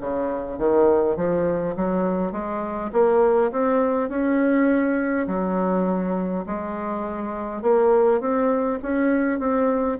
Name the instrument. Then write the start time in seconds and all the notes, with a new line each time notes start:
bassoon
0.00 C#3
0.58 D#3
1.16 F3
1.75 F#3
2.32 G#3
2.92 A#3
3.51 C4
4.09 C#4
5.27 F#3
6.46 G#3
7.62 A#3
8.20 C4
8.82 C#4
9.39 C4